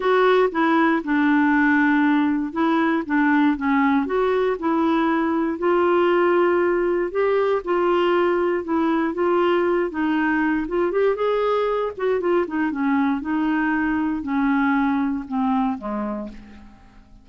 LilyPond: \new Staff \with { instrumentName = "clarinet" } { \time 4/4 \tempo 4 = 118 fis'4 e'4 d'2~ | d'4 e'4 d'4 cis'4 | fis'4 e'2 f'4~ | f'2 g'4 f'4~ |
f'4 e'4 f'4. dis'8~ | dis'4 f'8 g'8 gis'4. fis'8 | f'8 dis'8 cis'4 dis'2 | cis'2 c'4 gis4 | }